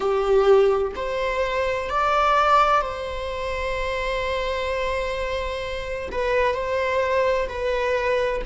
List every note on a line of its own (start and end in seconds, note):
0.00 0.92 G4
0.95 1.89 C5
1.89 2.81 D5
2.81 6.09 C5
6.12 6.54 B4
6.54 7.48 C5
7.48 8.42 B4